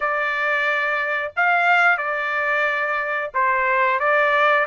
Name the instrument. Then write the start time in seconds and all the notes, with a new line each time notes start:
trumpet
0.00 D5
1.36 F5
1.97 D5
3.34 C5
3.99 D5